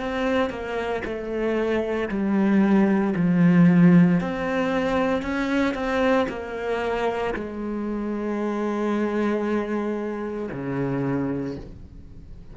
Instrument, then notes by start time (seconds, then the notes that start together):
cello
0.00 C4
0.50 A#3
1.05 A3
2.09 G3
3.16 F3
4.21 C4
5.22 C#4
5.74 C4
6.29 A#3
7.34 G#3
10.52 C#3